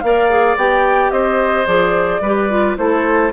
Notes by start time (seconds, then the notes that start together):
0.00 A#3 A#4 D5 F5
0.29 G#4
0.56 B3 G4 G5
1.10 C4 C5 D#5
1.65 F3 G#4 D5
2.21 G3 G4 B4
2.50 F4
2.76 A3 E4 A4 C5